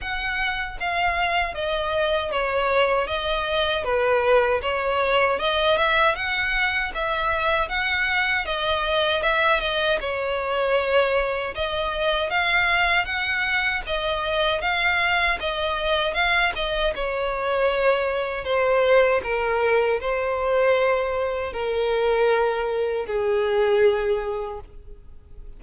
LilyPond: \new Staff \with { instrumentName = "violin" } { \time 4/4 \tempo 4 = 78 fis''4 f''4 dis''4 cis''4 | dis''4 b'4 cis''4 dis''8 e''8 | fis''4 e''4 fis''4 dis''4 | e''8 dis''8 cis''2 dis''4 |
f''4 fis''4 dis''4 f''4 | dis''4 f''8 dis''8 cis''2 | c''4 ais'4 c''2 | ais'2 gis'2 | }